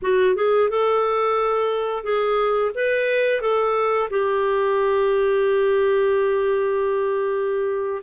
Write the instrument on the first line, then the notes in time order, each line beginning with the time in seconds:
clarinet
0.02 F#4
0.35 G#4
0.69 A4
2.03 G#4
2.74 B4
3.41 A4
4.10 G4